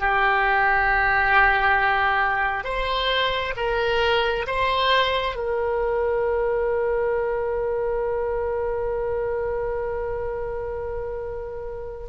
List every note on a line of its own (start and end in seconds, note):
0.00 2.64 G4
2.64 3.54 C5
3.57 4.46 A#4
4.47 5.36 C5
5.36 12.08 A#4